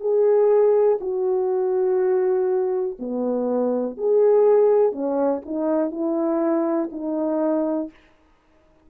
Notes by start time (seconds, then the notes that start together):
0.00 G#4
1.00 F#4
2.99 B3
3.97 G#4
4.92 C#4
5.45 D#4
5.91 E4
6.92 D#4